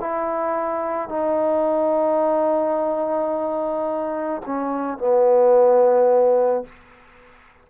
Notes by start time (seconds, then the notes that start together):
0.00 E4
1.08 D#4
4.45 C#4
4.97 B3